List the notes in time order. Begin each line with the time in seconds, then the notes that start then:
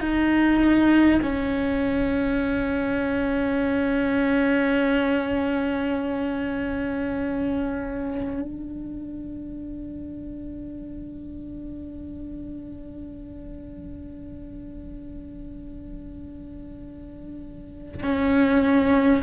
0.00 D#4
1.22 C#4
8.42 D4
18.03 C#4